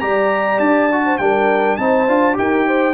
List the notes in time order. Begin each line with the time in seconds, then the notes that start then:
0.00 G3 G4 D5 A#5
0.59 D4 A5
0.91 F#4
1.05 C5
1.17 G3 D4 A#4 G5
1.76 C4 D#4 C5 A5
2.08 D4 F4
2.33 D#4 G4 A#4 G5
2.66 C5